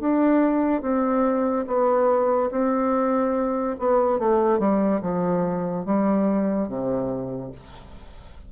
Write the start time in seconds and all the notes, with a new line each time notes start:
0.00 D4
0.82 C4
1.67 B3
2.52 C4
3.79 B3
4.19 A3
4.59 G3
5.02 F3
5.86 G3
6.69 C3